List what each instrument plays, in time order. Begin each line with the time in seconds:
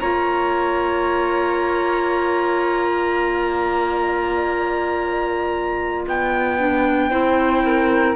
0.00 cello A#3, clarinet F4, flute C#5, trumpet A#5
2.89 flute D5
6.07 cello B3, trumpet G5
6.59 clarinet D4
7.10 cello C4, clarinet E4, flute C5
7.65 flute A#4